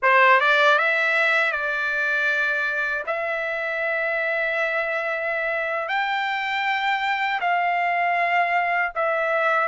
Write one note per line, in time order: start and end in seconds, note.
0.02 0.40 C5
0.40 0.78 D5
0.78 1.52 E5
1.52 3.04 D5
3.06 5.88 E5
5.88 7.40 G5
7.40 8.92 F5
8.94 9.67 E5